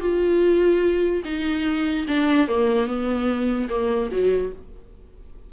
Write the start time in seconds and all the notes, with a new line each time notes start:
0.00 F4
1.24 D#4
2.07 D4
2.48 A#3
2.86 B3
3.69 A#3
4.11 F#3